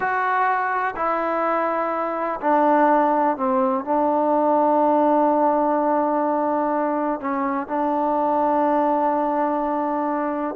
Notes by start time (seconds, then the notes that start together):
0.00 F#4
0.96 E4
2.40 D4
3.36 C4
3.84 D4
7.20 C#4
7.67 D4